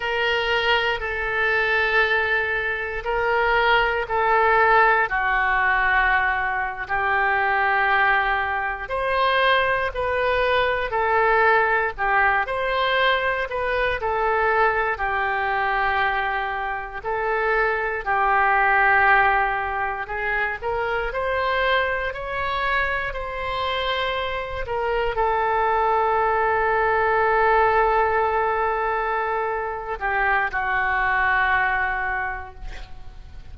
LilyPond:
\new Staff \with { instrumentName = "oboe" } { \time 4/4 \tempo 4 = 59 ais'4 a'2 ais'4 | a'4 fis'4.~ fis'16 g'4~ g'16~ | g'8. c''4 b'4 a'4 g'16~ | g'16 c''4 b'8 a'4 g'4~ g'16~ |
g'8. a'4 g'2 gis'16~ | gis'16 ais'8 c''4 cis''4 c''4~ c''16~ | c''16 ais'8 a'2.~ a'16~ | a'4. g'8 fis'2 | }